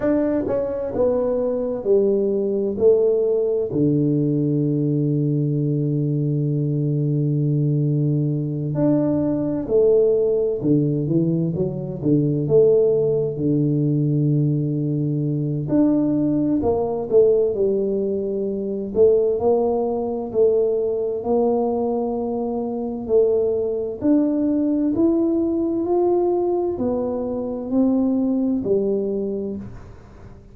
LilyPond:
\new Staff \with { instrumentName = "tuba" } { \time 4/4 \tempo 4 = 65 d'8 cis'8 b4 g4 a4 | d1~ | d4. d'4 a4 d8 | e8 fis8 d8 a4 d4.~ |
d4 d'4 ais8 a8 g4~ | g8 a8 ais4 a4 ais4~ | ais4 a4 d'4 e'4 | f'4 b4 c'4 g4 | }